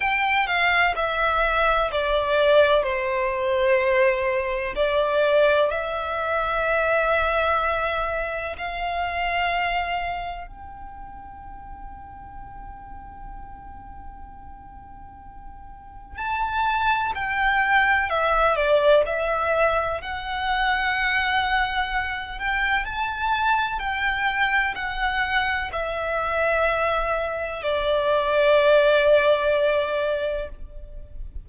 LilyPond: \new Staff \with { instrumentName = "violin" } { \time 4/4 \tempo 4 = 63 g''8 f''8 e''4 d''4 c''4~ | c''4 d''4 e''2~ | e''4 f''2 g''4~ | g''1~ |
g''4 a''4 g''4 e''8 d''8 | e''4 fis''2~ fis''8 g''8 | a''4 g''4 fis''4 e''4~ | e''4 d''2. | }